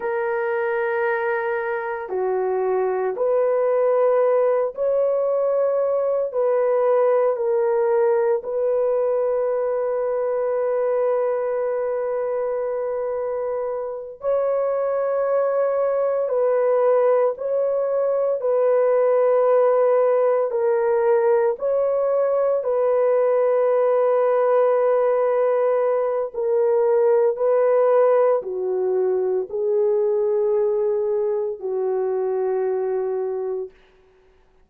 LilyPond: \new Staff \with { instrumentName = "horn" } { \time 4/4 \tempo 4 = 57 ais'2 fis'4 b'4~ | b'8 cis''4. b'4 ais'4 | b'1~ | b'4. cis''2 b'8~ |
b'8 cis''4 b'2 ais'8~ | ais'8 cis''4 b'2~ b'8~ | b'4 ais'4 b'4 fis'4 | gis'2 fis'2 | }